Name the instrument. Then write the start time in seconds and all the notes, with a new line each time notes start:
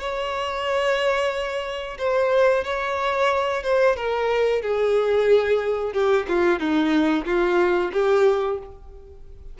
violin
0.00 C#5
1.98 C5
2.64 C#5
3.63 C5
3.96 A#4
4.62 G#4
5.93 G4
6.28 F4
6.59 D#4
7.26 F4
7.93 G4